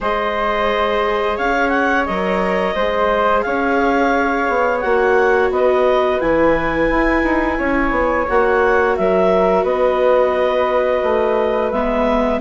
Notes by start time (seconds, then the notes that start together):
0.00 G#3 G#4 C5 D#5
1.36 C#4 C#5 F5
1.69 F#5
2.05 F#3 A#4 D#5
2.74 G#3 G#4 C5
3.41 C#4 C#5 F5
4.49 B3
4.80 A#3 F#4 F#5
5.50 B3 B4 D#5
6.20 E3 E4 G#5
6.90 E4
7.23 D#4
7.58 C#4 C#5
7.91 B3
8.28 A#3 F#4 F#5
8.96 F#3 A#4 E5
9.63 B3 B4 D#5
11.03 A3
11.71 G#3 B3 E5